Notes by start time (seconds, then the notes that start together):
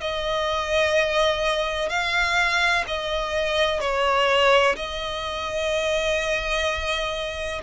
0.00 D#5
1.89 F5
2.87 D#5
3.80 C#5
4.76 D#5